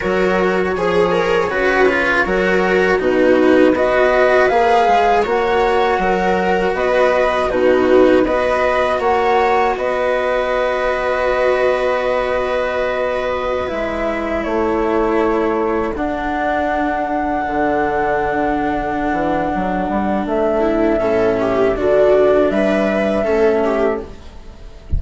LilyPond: <<
  \new Staff \with { instrumentName = "flute" } { \time 4/4 \tempo 4 = 80 cis''1 | b'4 dis''4 f''4 fis''4~ | fis''4 dis''4 b'4 dis''4 | fis''4 dis''2.~ |
dis''2~ dis''16 e''4 cis''8.~ | cis''4~ cis''16 fis''2~ fis''8.~ | fis''2. e''4~ | e''4 d''4 e''2 | }
  \new Staff \with { instrumentName = "viola" } { \time 4/4 ais'4 gis'8 ais'8 b'4 ais'4 | fis'4 b'2 cis''4 | ais'4 b'4 fis'4 b'4 | cis''4 b'2.~ |
b'2.~ b'16 a'8.~ | a'1~ | a'2.~ a'8 e'8 | a'8 g'8 fis'4 b'4 a'8 g'8 | }
  \new Staff \with { instrumentName = "cello" } { \time 4/4 fis'4 gis'4 fis'8 f'8 fis'4 | dis'4 fis'4 gis'4 fis'4~ | fis'2 dis'4 fis'4~ | fis'1~ |
fis'2~ fis'16 e'4.~ e'16~ | e'4~ e'16 d'2~ d'8.~ | d'1 | cis'4 d'2 cis'4 | }
  \new Staff \with { instrumentName = "bassoon" } { \time 4/4 fis4 f4 cis4 fis4 | b,4 b4 ais8 gis8 ais4 | fis4 b4 b,4 b4 | ais4 b2.~ |
b2~ b16 gis4 a8.~ | a4~ a16 d'2 d8.~ | d4. e8 fis8 g8 a4 | a,4 d4 g4 a4 | }
>>